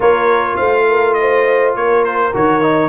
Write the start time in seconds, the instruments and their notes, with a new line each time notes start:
0.00 tuba A#3, trombone F4, horn A#4, trumpet C#5
0.56 tuba A3, horn C5, trumpet F5
0.89 horn A#4
1.13 trumpet D#5
1.20 horn C5
1.75 tuba A#3, horn A#4, trumpet C#5
2.04 trumpet C5
2.33 tuba D#3, trombone F#4, trumpet C#5
2.61 trombone D#4